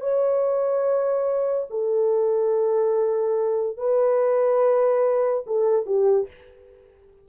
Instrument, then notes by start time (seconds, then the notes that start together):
horn
0.00 C#5
1.70 A4
3.77 B4
5.46 A4
5.86 G4